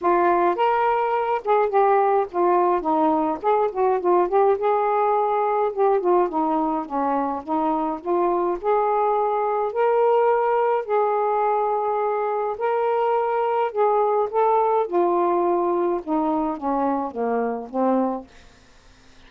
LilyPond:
\new Staff \with { instrumentName = "saxophone" } { \time 4/4 \tempo 4 = 105 f'4 ais'4. gis'8 g'4 | f'4 dis'4 gis'8 fis'8 f'8 g'8 | gis'2 g'8 f'8 dis'4 | cis'4 dis'4 f'4 gis'4~ |
gis'4 ais'2 gis'4~ | gis'2 ais'2 | gis'4 a'4 f'2 | dis'4 cis'4 ais4 c'4 | }